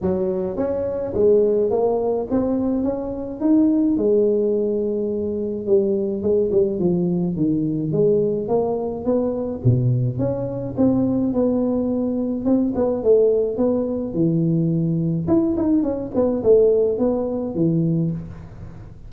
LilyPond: \new Staff \with { instrumentName = "tuba" } { \time 4/4 \tempo 4 = 106 fis4 cis'4 gis4 ais4 | c'4 cis'4 dis'4 gis4~ | gis2 g4 gis8 g8 | f4 dis4 gis4 ais4 |
b4 b,4 cis'4 c'4 | b2 c'8 b8 a4 | b4 e2 e'8 dis'8 | cis'8 b8 a4 b4 e4 | }